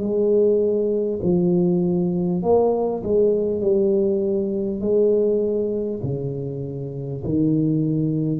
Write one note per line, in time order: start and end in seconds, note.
0.00 1.20 G#3
1.23 2.43 F3
2.43 3.03 A#3
3.04 3.62 G#3
3.62 4.81 G3
4.81 6.01 G#3
6.03 7.23 C#3
7.24 8.40 D#3